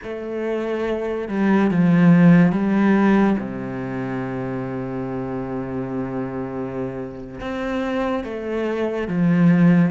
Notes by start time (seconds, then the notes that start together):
0.03 A3
1.28 G3
1.71 F3
2.51 G3
3.38 C3
7.40 C4
8.24 A3
9.08 F3